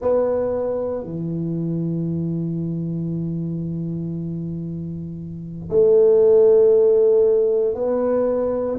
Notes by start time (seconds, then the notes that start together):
0.01 B3
1.03 E3
5.69 A3
7.74 B3